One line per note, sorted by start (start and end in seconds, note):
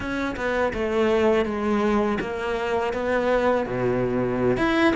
0.00 0.35 C#4
0.36 0.73 B3
0.73 1.45 A3
1.45 2.18 G#3
2.20 2.93 A#3
2.93 3.66 B3
3.66 4.57 B2
4.57 4.94 E4